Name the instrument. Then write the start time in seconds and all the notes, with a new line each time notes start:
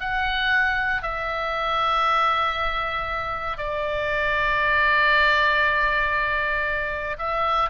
oboe
0.00 F#5
1.02 E5
3.58 D5
7.19 E5